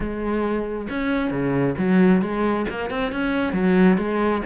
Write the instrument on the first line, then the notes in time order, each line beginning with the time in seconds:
cello
0.00 G#3
0.89 C#4
1.30 C#3
1.78 F#3
2.21 G#3
2.69 A#3
2.89 C4
3.12 C#4
3.53 F#3
3.97 G#3